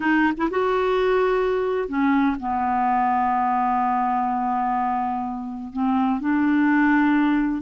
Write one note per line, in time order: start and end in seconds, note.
0.00 0.32 D#4
0.37 0.49 E4
0.50 1.88 F#4
1.88 2.36 C#4
2.39 5.73 B3
5.73 6.20 C4
6.20 7.61 D4